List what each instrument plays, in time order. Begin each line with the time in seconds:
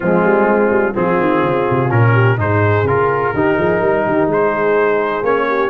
0.00 tuba F3, trombone G#3, horn C4, trumpet F4
0.24 tuba G3
0.47 tuba G#3
0.70 tuba G3
0.94 tuba F3, trombone C4, horn F4, trumpet G#4
1.19 tuba D#3
1.42 tuba C#3
1.70 tuba C3
1.90 tuba A#2, trombone C#4, trumpet A#4
2.13 horn G4
2.37 tuba G#2, trombone D#4, horn G#4, trumpet C5
2.83 tuba C#3, trombone F4, trumpet A#4
3.33 tuba D#3, trombone D#4, horn G4
3.57 tuba F3, horn G#4
3.80 tuba G3, horn A#4
4.04 tuba D#3, horn G4
4.26 tuba G#3, horn G#4
4.32 trumpet C5
5.22 tuba A#3, trombone C#4, trumpet C#5
5.47 horn G4